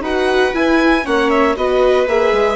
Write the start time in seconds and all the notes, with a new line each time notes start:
0.00 D#4 F#4 B4 F#5
0.54 E4 G#5
1.04 A#3 C#4 C#5 F#5
1.30 E5
1.55 B3 F#4 B4 D#5
2.07 A#3 G#4 E5
2.32 G#3